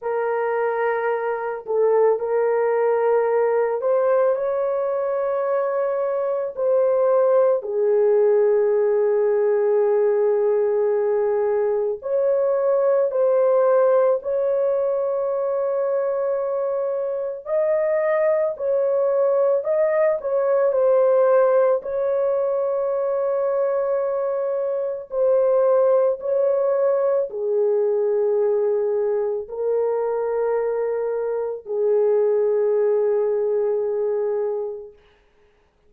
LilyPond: \new Staff \with { instrumentName = "horn" } { \time 4/4 \tempo 4 = 55 ais'4. a'8 ais'4. c''8 | cis''2 c''4 gis'4~ | gis'2. cis''4 | c''4 cis''2. |
dis''4 cis''4 dis''8 cis''8 c''4 | cis''2. c''4 | cis''4 gis'2 ais'4~ | ais'4 gis'2. | }